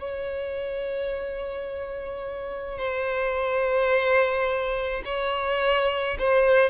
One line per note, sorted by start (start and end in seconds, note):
0.00 2.79 C#5
2.79 5.03 C5
5.05 6.18 C#5
6.20 6.70 C5